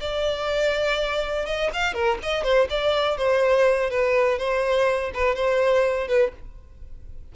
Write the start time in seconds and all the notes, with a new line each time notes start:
0.00 D5
1.46 D#5
1.74 F5
1.94 A#4
2.23 D#5
2.43 C5
2.70 D5
3.17 C5
3.90 B4
4.38 C5
5.14 B4
5.35 C5
6.08 B4